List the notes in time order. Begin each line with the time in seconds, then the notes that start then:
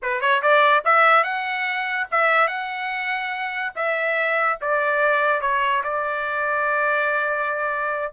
0.02 B4
0.20 C#5
0.41 D5
0.84 E5
1.23 F#5
2.11 E5
2.47 F#5
3.75 E5
4.61 D5
5.41 C#5
5.83 D5